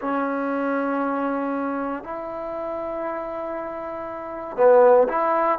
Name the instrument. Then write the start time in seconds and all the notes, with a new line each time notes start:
trombone
0.00 C#4
2.03 E4
4.56 B3
5.08 E4